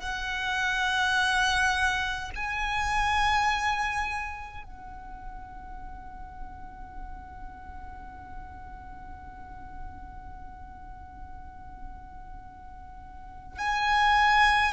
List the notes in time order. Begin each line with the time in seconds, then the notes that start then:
0.00 F#5
2.35 G#5
4.64 F#5
13.58 G#5